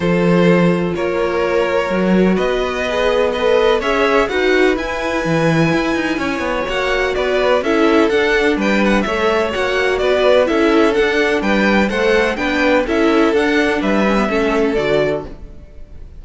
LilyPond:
<<
  \new Staff \with { instrumentName = "violin" } { \time 4/4 \tempo 4 = 126 c''2 cis''2~ | cis''4 dis''2 b'4 | e''4 fis''4 gis''2~ | gis''2 fis''4 d''4 |
e''4 fis''4 g''8 fis''8 e''4 | fis''4 d''4 e''4 fis''4 | g''4 fis''4 g''4 e''4 | fis''4 e''2 d''4 | }
  \new Staff \with { instrumentName = "violin" } { \time 4/4 a'2 ais'2~ | ais'4 b'2 dis''4 | cis''4 b'2.~ | b'4 cis''2 b'4 |
a'2 b'4 cis''4~ | cis''4 b'4 a'2 | b'4 c''4 b'4 a'4~ | a'4 b'4 a'2 | }
  \new Staff \with { instrumentName = "viola" } { \time 4/4 f'1 | fis'2 gis'4 a'4 | gis'4 fis'4 e'2~ | e'2 fis'2 |
e'4 d'2 a'4 | fis'2 e'4 d'4~ | d'4 a'4 d'4 e'4 | d'4. cis'16 b16 cis'4 fis'4 | }
  \new Staff \with { instrumentName = "cello" } { \time 4/4 f2 ais2 | fis4 b2. | cis'4 dis'4 e'4 e4 | e'8 dis'8 cis'8 b8 ais4 b4 |
cis'4 d'4 g4 a4 | ais4 b4 cis'4 d'4 | g4 a4 b4 cis'4 | d'4 g4 a4 d4 | }
>>